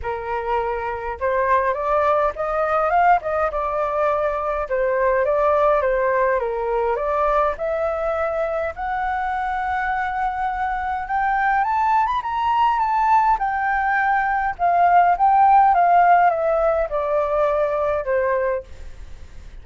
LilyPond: \new Staff \with { instrumentName = "flute" } { \time 4/4 \tempo 4 = 103 ais'2 c''4 d''4 | dis''4 f''8 dis''8 d''2 | c''4 d''4 c''4 ais'4 | d''4 e''2 fis''4~ |
fis''2. g''4 | a''8. b''16 ais''4 a''4 g''4~ | g''4 f''4 g''4 f''4 | e''4 d''2 c''4 | }